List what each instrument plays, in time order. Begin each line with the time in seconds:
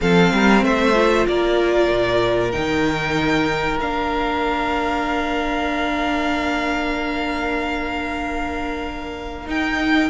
0.00 cello F3, viola C4, violin A4 F5
0.31 cello G3, violin A#4
0.63 cello A3, violin C5 E5
0.93 viola F4
1.27 cello A#3, violin A#4 D5
1.91 cello A#2
2.51 cello D#3, viola D#4, violin G5
3.78 cello A#3, viola D4, violin F5
9.46 viola D#4, cello D#4, violin G5